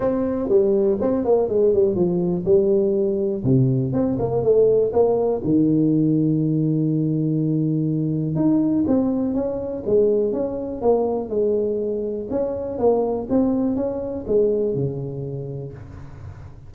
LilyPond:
\new Staff \with { instrumentName = "tuba" } { \time 4/4 \tempo 4 = 122 c'4 g4 c'8 ais8 gis8 g8 | f4 g2 c4 | c'8 ais8 a4 ais4 dis4~ | dis1~ |
dis4 dis'4 c'4 cis'4 | gis4 cis'4 ais4 gis4~ | gis4 cis'4 ais4 c'4 | cis'4 gis4 cis2 | }